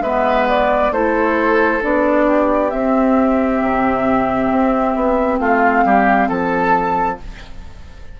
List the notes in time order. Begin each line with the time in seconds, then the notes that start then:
0.00 G#3 B3 B4 E5
0.49 D5
0.91 A3 E4 A4 C5
1.81 B3 D4 D5
2.26 G4
2.70 C4 E5
3.61 C3
4.51 C4
4.95 B3
5.39 A3 F4 F5
5.85 G3 G4
6.28 F3 A4 A5